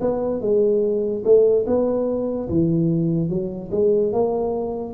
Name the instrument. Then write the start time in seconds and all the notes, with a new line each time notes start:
tuba
0.00 B3
0.41 G#3
1.24 A3
1.66 B3
2.49 E3
3.29 F#3
3.71 G#3
4.12 A#3